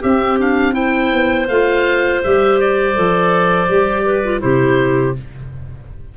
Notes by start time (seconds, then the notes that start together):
0.00 C4 G4 E5
0.38 D4 F5
0.72 E4 C5 G5
1.12 B3
1.48 A3 F4 F5
2.23 G3 G4 E5
2.59 D5
2.94 F3 A4
3.68 G3 G4
4.04 B4
4.23 F4
4.39 C3 E4 G4 C5